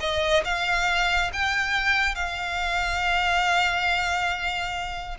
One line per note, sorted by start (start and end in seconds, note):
0.00 0.43 D#5
0.44 1.30 F5
1.33 2.15 G5
2.15 5.17 F5